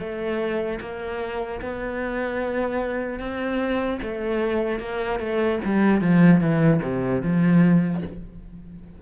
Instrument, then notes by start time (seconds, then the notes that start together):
cello
0.00 A3
0.81 A#3
1.62 B3
3.20 C4
4.03 A3
4.80 A#3
5.20 A3
5.65 G3
6.01 F3
6.41 E3
6.83 C3
7.23 F3